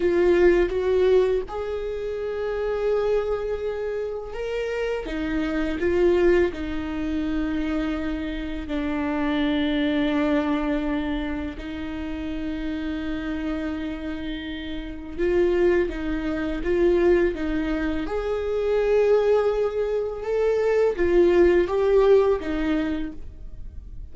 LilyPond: \new Staff \with { instrumentName = "viola" } { \time 4/4 \tempo 4 = 83 f'4 fis'4 gis'2~ | gis'2 ais'4 dis'4 | f'4 dis'2. | d'1 |
dis'1~ | dis'4 f'4 dis'4 f'4 | dis'4 gis'2. | a'4 f'4 g'4 dis'4 | }